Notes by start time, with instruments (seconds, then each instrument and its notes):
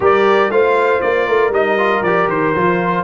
0.00 tuba G3, trombone G4, horn A#4, trumpet D5
0.49 tuba A3, trombone F4, horn C5, trumpet F5
1.01 tuba A#3, trumpet D5
1.27 tuba A3, horn A#4
1.49 tuba G3, trombone D#4, trumpet D#5
1.78 trombone F4
2.02 tuba F3, trombone G4, trumpet D5
2.28 tuba D#3, trumpet C5
2.55 tuba F3, trombone F4